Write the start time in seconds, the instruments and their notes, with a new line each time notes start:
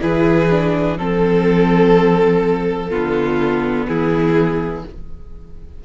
0.00 cello E3, viola E4, violin G#4 B4
0.50 viola D4
0.97 cello F3, viola C4, violin A4
2.89 cello D3, viola B3, violin F4
3.87 cello E3, violin E4 G#4